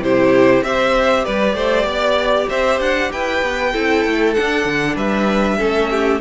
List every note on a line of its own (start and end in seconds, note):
0.00 0.62 C3
0.00 0.64 E4
0.00 0.65 G4
0.00 0.64 C5
0.64 1.25 C4
0.64 3.74 G4
0.64 1.24 C5
0.64 1.25 E5
1.24 1.54 G3
1.24 1.55 B4
1.24 2.49 D5
1.54 1.84 A3
1.54 1.86 C5
1.84 2.46 B3
1.84 2.49 D5
2.49 2.80 C4
2.49 3.11 C5
2.49 2.80 E5
2.80 3.11 D4
2.80 3.12 F#5
3.12 3.42 E4
3.12 3.73 B4
3.12 4.34 G5
3.42 3.73 B3
3.73 4.05 C4
3.73 4.36 E4
3.73 4.96 A4
4.05 4.36 A3
4.34 5.59 D4
4.34 4.65 D4
4.34 4.95 F#5
4.65 4.95 D3
4.95 5.57 G3
4.95 5.57 B4
4.95 6.21 E5
5.58 6.21 A3
5.58 6.21 C#4
5.58 5.89 A4
5.90 6.21 G4